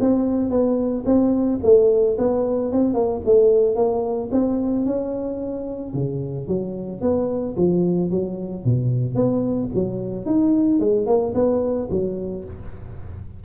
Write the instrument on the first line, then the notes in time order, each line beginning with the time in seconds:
tuba
0.00 C4
0.50 B3
1.05 C4
1.63 A3
2.17 B3
2.72 C4
2.94 A#3
3.25 A3
3.75 A#3
4.31 C4
4.85 C#4
5.93 C#3
6.47 F#3
7.01 B3
7.57 F3
8.10 F#3
8.64 B2
9.15 B3
9.74 F#3
10.25 D#4
10.79 G#3
11.06 A#3
11.34 B3
11.90 F#3